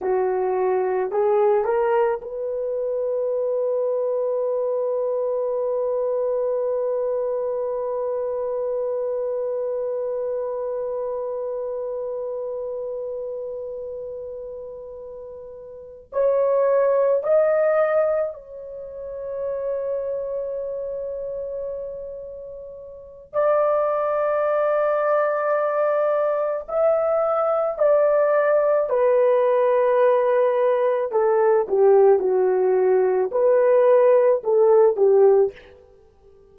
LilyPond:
\new Staff \with { instrumentName = "horn" } { \time 4/4 \tempo 4 = 54 fis'4 gis'8 ais'8 b'2~ | b'1~ | b'1~ | b'2~ b'8 cis''4 dis''8~ |
dis''8 cis''2.~ cis''8~ | cis''4 d''2. | e''4 d''4 b'2 | a'8 g'8 fis'4 b'4 a'8 g'8 | }